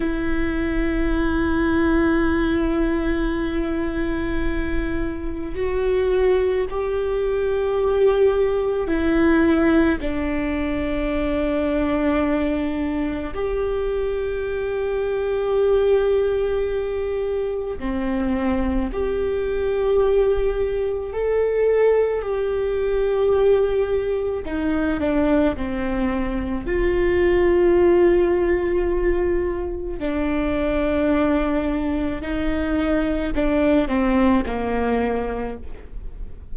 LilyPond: \new Staff \with { instrumentName = "viola" } { \time 4/4 \tempo 4 = 54 e'1~ | e'4 fis'4 g'2 | e'4 d'2. | g'1 |
c'4 g'2 a'4 | g'2 dis'8 d'8 c'4 | f'2. d'4~ | d'4 dis'4 d'8 c'8 ais4 | }